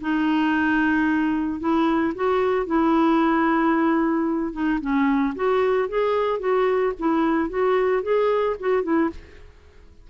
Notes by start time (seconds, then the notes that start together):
0.00 D#4
1.59 E4
2.15 F#4
2.66 E4
4.52 D#4
4.80 C#4
5.35 F#4
5.88 G#4
6.39 F#4
6.98 E4
7.49 F#4
8.02 G#4
8.59 F#4
8.82 E4